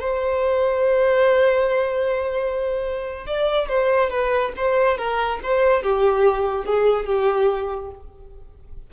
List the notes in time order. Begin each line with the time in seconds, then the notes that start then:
0.00 C5
3.26 D5
3.68 C5
4.10 B4
4.56 C5
4.97 A#4
5.42 C5
5.83 G4
6.65 G#4
7.05 G4